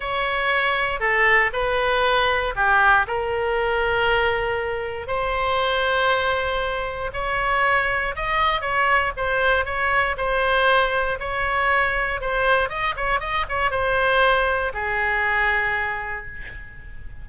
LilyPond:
\new Staff \with { instrumentName = "oboe" } { \time 4/4 \tempo 4 = 118 cis''2 a'4 b'4~ | b'4 g'4 ais'2~ | ais'2 c''2~ | c''2 cis''2 |
dis''4 cis''4 c''4 cis''4 | c''2 cis''2 | c''4 dis''8 cis''8 dis''8 cis''8 c''4~ | c''4 gis'2. | }